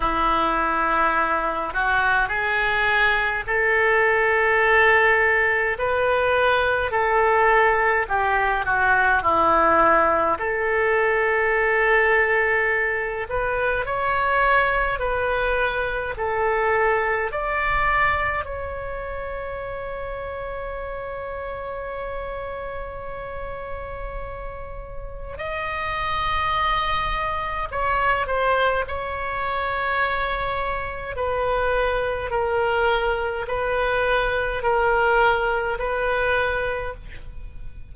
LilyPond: \new Staff \with { instrumentName = "oboe" } { \time 4/4 \tempo 4 = 52 e'4. fis'8 gis'4 a'4~ | a'4 b'4 a'4 g'8 fis'8 | e'4 a'2~ a'8 b'8 | cis''4 b'4 a'4 d''4 |
cis''1~ | cis''2 dis''2 | cis''8 c''8 cis''2 b'4 | ais'4 b'4 ais'4 b'4 | }